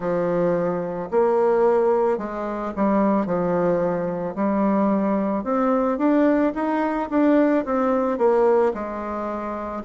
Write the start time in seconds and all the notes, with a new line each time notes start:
0.00 F3
1.11 A#3
2.18 G#3
2.76 G3
3.25 F3
4.35 G3
5.43 C4
5.98 D4
6.55 D#4
7.10 D4
7.65 C4
8.18 A#3
8.73 G#3